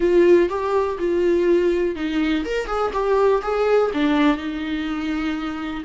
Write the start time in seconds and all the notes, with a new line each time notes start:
0.00 F4
0.49 G4
0.98 F4
1.95 D#4
2.44 A#4
2.66 G#4
2.93 G4
3.42 G#4
3.93 D4
4.36 D#4